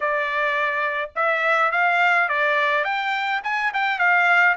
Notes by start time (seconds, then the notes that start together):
0.00 D5
1.15 E5
1.71 F5
2.29 D5
2.84 G5
3.43 G#5
3.73 G5
3.98 F5